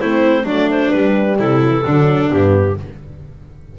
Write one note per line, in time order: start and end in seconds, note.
0.00 0.44 A3
0.00 0.47 C4
0.00 0.44 E4
0.00 0.46 C5
0.44 0.90 F#3
0.44 0.93 A3
0.44 1.36 D4
0.44 0.70 D5
0.71 0.91 C5
0.91 1.62 G3
0.91 1.39 G3
0.91 1.37 B4
1.39 1.85 C3
1.39 1.85 E4
1.39 2.31 A4
1.62 1.70 F#3
1.70 1.81 E3
1.85 2.32 D3
1.85 2.30 F#3
1.85 2.77 D4
2.30 2.79 G2
2.30 2.76 B3
2.30 2.77 G4